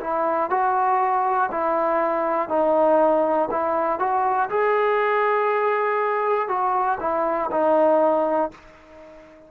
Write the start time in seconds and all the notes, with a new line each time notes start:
0.00 E4
0.50 F#4
1.50 E4
2.49 D#4
3.50 E4
3.99 F#4
4.50 G#4
6.48 F#4
7.00 E4
7.51 D#4